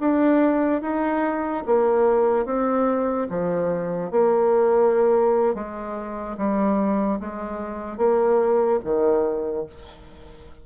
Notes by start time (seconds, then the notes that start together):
0.00 D4
0.82 D#4
1.66 A#3
2.45 C4
3.30 F3
4.11 A#3
5.55 G#3
6.37 G3
7.20 G#3
7.98 A#3
8.84 D#3